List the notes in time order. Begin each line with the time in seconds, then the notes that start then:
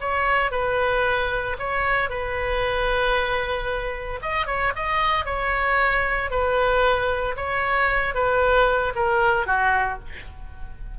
0.00 C#5
0.51 B4
1.59 C#5
2.09 B4
4.22 D#5
4.46 C#5
4.75 D#5
5.25 C#5
6.30 B4
7.36 C#5
8.14 B4
8.95 A#4
9.46 F#4